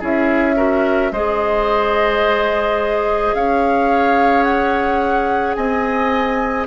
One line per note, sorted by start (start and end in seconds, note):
0.00 1.12 C#4
0.00 0.56 E4
0.00 0.56 G#4
0.00 1.13 E5
0.56 1.11 F#4
0.56 1.12 A#4
1.12 3.34 G#3
1.12 6.67 G#4
1.12 3.35 C5
1.12 3.35 D#5
3.34 5.56 C#4
3.34 5.57 C#5
3.34 4.43 F5
4.43 5.54 F#5
5.55 6.67 C4
5.55 6.67 D#5
5.55 6.66 G#5